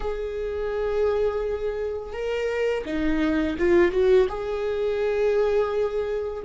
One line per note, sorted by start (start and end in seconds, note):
0.00 2.12 G#4
2.12 2.84 A#4
2.85 3.56 D#4
3.58 3.91 F4
3.91 4.27 F#4
4.29 6.43 G#4